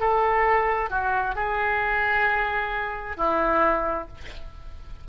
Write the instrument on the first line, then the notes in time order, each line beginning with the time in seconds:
oboe
0.00 A4
0.90 F#4
1.35 G#4
3.17 E4